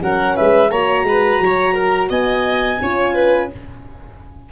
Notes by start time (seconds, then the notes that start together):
0.00 F#3 C#4 A#4 F#5
0.36 G#3 B4 E5
0.70 A#3 F#4 C#5 A#5
1.03 G#3 B4
1.40 F#3 C#5
1.74 A#4
2.09 B3 D#5 G#5
2.81 C#4 F4 C#5
3.14 B4